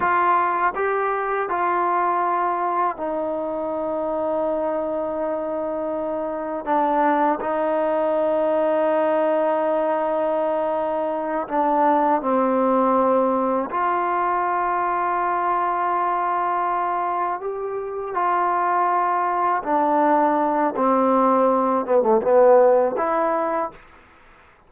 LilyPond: \new Staff \with { instrumentName = "trombone" } { \time 4/4 \tempo 4 = 81 f'4 g'4 f'2 | dis'1~ | dis'4 d'4 dis'2~ | dis'2.~ dis'8 d'8~ |
d'8 c'2 f'4.~ | f'2.~ f'8 g'8~ | g'8 f'2 d'4. | c'4. b16 a16 b4 e'4 | }